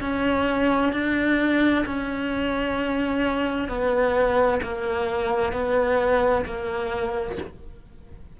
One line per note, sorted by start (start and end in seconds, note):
0.00 0.92 C#4
0.92 1.85 D4
1.85 3.68 C#4
3.68 4.60 B3
4.62 5.52 A#3
5.52 6.44 B3
6.45 7.38 A#3